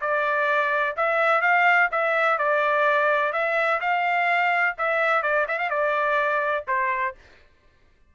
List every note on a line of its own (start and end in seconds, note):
0.00 0.95 D5
0.96 1.41 E5
1.41 1.89 F5
1.91 2.38 E5
2.38 3.32 D5
3.32 3.80 E5
3.80 4.76 F5
4.77 5.22 E5
5.22 5.46 D5
5.47 5.58 E5
5.58 5.69 F5
5.69 6.65 D5
6.67 7.15 C5